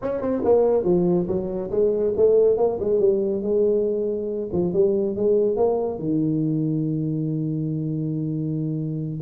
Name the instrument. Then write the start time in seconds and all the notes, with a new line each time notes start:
tuba
0.02 C#4
0.21 C4
0.44 A#3
0.84 F3
1.27 F#3
1.70 G#3
2.16 A3
2.57 A#3
2.80 G#3
2.99 G3
3.42 G#3
4.52 F3
4.73 G3
5.15 G#3
5.56 A#3
5.98 D#3